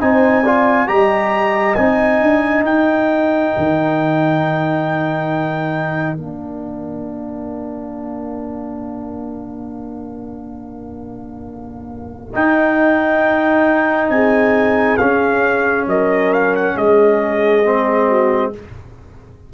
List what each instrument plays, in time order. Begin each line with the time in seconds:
0.00 tuba C4, trombone D#4, horn C5, trumpet G#5
0.42 trombone F4, horn D5
0.87 tuba G3, trombone G4, horn D#5, trumpet A#5
1.75 tuba C4, trombone D#4, trumpet G#5
2.21 tuba D4
2.62 tuba D#4, horn A#4, trumpet G5
3.57 tuba D#3
6.17 tuba A#3, trombone D4, trumpet F5
12.33 trombone D#4, tuba D#4, trumpet G5
14.09 tuba C4, horn G#4, trumpet G#5
14.97 trombone C#4, tuba C#4, trumpet F5
15.87 tuba F#3, horn A#4, trumpet D#5
16.33 trumpet F5
16.55 trumpet F#5
16.76 tuba G#3, horn G#4, trumpet D#5
17.64 trombone C4
18.08 horn F#4